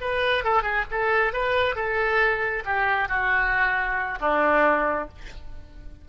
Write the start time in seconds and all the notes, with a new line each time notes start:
0.00 B4
0.44 A4
0.62 G#4
0.90 A4
1.33 B4
1.75 A4
2.65 G4
3.08 F#4
4.20 D4